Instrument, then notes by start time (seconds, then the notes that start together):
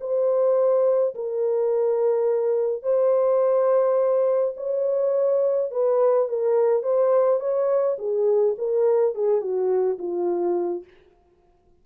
horn
0.00 C5
1.15 A#4
2.83 C5
4.57 C#5
5.71 B4
6.28 A#4
6.83 C5
7.39 C#5
7.98 G#4
8.58 A#4
9.15 G#4
9.41 F#4
9.98 F4